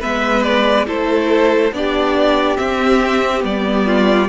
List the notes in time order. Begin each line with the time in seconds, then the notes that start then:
0.00 G#3 B3 B4 E5
0.42 D5
0.86 A3 E4 A4 C5
1.71 B3 D4 G4 D5
2.56 C4 E5
3.40 G3 B3 D5
3.86 F4